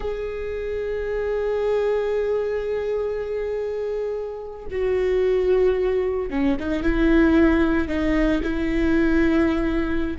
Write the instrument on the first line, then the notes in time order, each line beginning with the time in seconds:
viola
0.00 G#4
4.70 F#4
6.30 C#4
6.59 D#4
6.83 E4
7.87 D#4
8.43 E4